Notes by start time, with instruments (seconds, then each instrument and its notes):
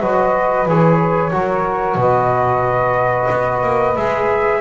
0.00 double bass F#3, trombone F#4, saxophone B4, flute D#5
0.66 double bass E3, trombone G#4, flute C#5
1.32 double bass F#3, trombone F#4, saxophone A#4
1.96 double bass B2, saxophone B4, flute D#5
3.30 double bass B3
3.63 double bass A#3
3.97 double bass G#3, trombone G#4, flute E5